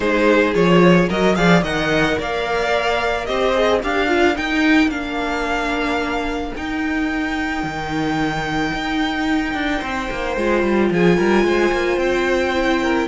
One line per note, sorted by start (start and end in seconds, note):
0.00 0.54 G#3
0.00 0.54 D#4
0.00 1.08 G#4
0.00 0.54 C5
0.54 1.09 F3
0.54 1.09 F4
0.54 1.09 C#5
1.08 1.37 F#3
1.08 1.35 F#4
1.08 1.35 A#4
1.08 1.35 D#5
1.35 1.62 F3
1.35 1.62 G#4
1.35 1.62 D5
1.35 1.62 F5
1.62 2.16 D#3
1.62 3.26 A#4
1.62 2.17 D#5
1.62 2.19 F#5
2.18 3.28 A#3
2.18 3.27 D5
2.18 3.25 F5
3.25 3.82 C4
3.25 3.54 G4
3.25 3.81 C5
3.25 3.80 D#5
3.54 3.81 G#4
3.81 4.37 D4
3.81 4.08 G4
3.81 9.79 A#4
3.81 4.37 F5
4.08 4.34 F4
4.34 4.89 D#4
4.34 4.88 D#4
4.34 4.90 G5
4.88 6.51 A#3
4.88 6.53 D4
4.88 6.53 F5
6.56 10.38 D#4
6.56 7.63 D#4
6.56 10.92 G5
7.63 8.72 D#3
8.73 9.54 D#4
9.54 9.81 D4
9.79 10.09 C4
9.79 10.88 C5
10.10 10.36 A#3
10.36 10.62 G#3
10.36 12.54 F4
10.62 10.90 G3
10.90 11.17 F3
10.90 11.17 G#4
10.90 11.98 G#5
11.17 11.43 G3
11.17 11.45 A#4
11.43 11.71 G#3
11.43 12.82 C5
11.72 11.97 A#3
11.97 13.06 C4
11.97 13.07 G5
12.54 13.08 E4
12.82 13.08 A#4